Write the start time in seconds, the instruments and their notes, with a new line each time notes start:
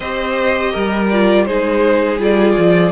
0.00 cello C4, viola G4, violin C5 D#5
0.72 cello G3, violin A#4
1.10 viola F4, violin D5
1.45 cello G#3, viola D#4, violin G#4 C5
2.18 cello G3, viola F4, violin D5
2.57 cello F3